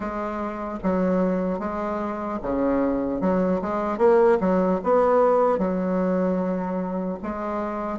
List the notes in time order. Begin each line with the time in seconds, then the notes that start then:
0.00 G#3
0.83 F#3
1.59 G#3
2.42 C#3
3.20 F#3
3.61 G#3
3.97 A#3
4.40 F#3
4.83 B3
5.58 F#3
7.22 G#3